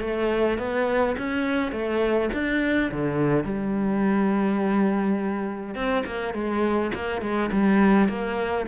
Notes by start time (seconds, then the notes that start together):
0.00 A3
0.58 B3
1.17 C#4
1.71 A3
2.33 D4
2.91 D3
3.44 G3
5.75 C4
6.05 A#3
6.33 G#3
6.94 A#3
7.21 G#3
7.52 G3
8.08 A#3